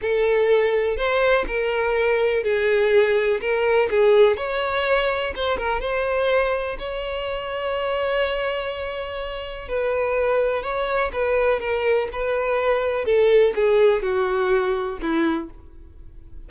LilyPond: \new Staff \with { instrumentName = "violin" } { \time 4/4 \tempo 4 = 124 a'2 c''4 ais'4~ | ais'4 gis'2 ais'4 | gis'4 cis''2 c''8 ais'8 | c''2 cis''2~ |
cis''1 | b'2 cis''4 b'4 | ais'4 b'2 a'4 | gis'4 fis'2 e'4 | }